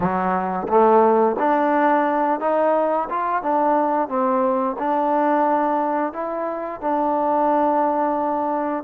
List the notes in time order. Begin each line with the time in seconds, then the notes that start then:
0.00 F#3
0.68 A3
1.39 D4
2.40 D#4
3.09 F4
3.42 D4
4.08 C4
4.79 D4
6.12 E4
6.81 D4